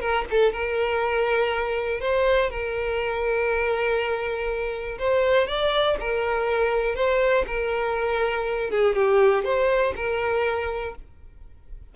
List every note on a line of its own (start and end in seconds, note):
0.00 0.25 A#4
0.31 0.53 A4
0.53 2.01 A#4
2.01 2.50 C5
2.50 4.98 A#4
4.99 5.47 C5
5.47 5.97 D5
6.00 6.95 A#4
6.95 7.45 C5
7.47 8.70 A#4
8.70 8.95 G#4
8.95 9.45 G4
9.45 9.94 C5
9.96 10.95 A#4